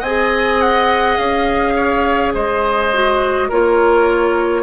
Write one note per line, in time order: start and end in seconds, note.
0.00 1.17 C4
0.00 1.73 D#5
0.00 0.61 G#5
0.06 2.93 G#4
0.61 1.17 F#5
1.17 2.34 C#4
1.17 2.32 F5
1.75 2.33 C#5
2.34 3.50 G#3
2.34 3.49 C5
2.34 3.50 D#5
2.93 3.51 F#4
3.49 4.62 A#3
3.49 4.62 F4
3.49 4.62 A#4
3.49 4.62 C#5